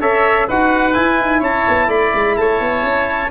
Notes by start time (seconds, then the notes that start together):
0.00 C#4 A4 C#5 E5
0.47 D#4 F#4 B4 F#5
0.93 E4 G#5
1.20 D#4
1.39 C#4 C#5 A5
1.68 B3
1.87 A3 D5 B5
2.14 G#3
2.37 A3 C#5 A5
2.60 B3
2.82 C#4